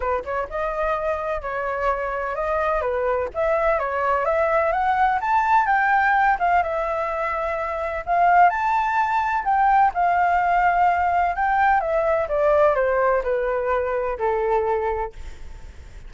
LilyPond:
\new Staff \with { instrumentName = "flute" } { \time 4/4 \tempo 4 = 127 b'8 cis''8 dis''2 cis''4~ | cis''4 dis''4 b'4 e''4 | cis''4 e''4 fis''4 a''4 | g''4. f''8 e''2~ |
e''4 f''4 a''2 | g''4 f''2. | g''4 e''4 d''4 c''4 | b'2 a'2 | }